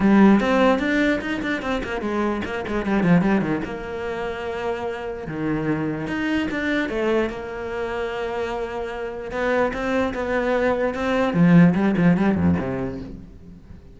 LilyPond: \new Staff \with { instrumentName = "cello" } { \time 4/4 \tempo 4 = 148 g4 c'4 d'4 dis'8 d'8 | c'8 ais8 gis4 ais8 gis8 g8 f8 | g8 dis8 ais2.~ | ais4 dis2 dis'4 |
d'4 a4 ais2~ | ais2. b4 | c'4 b2 c'4 | f4 g8 f8 g8 f,8 c4 | }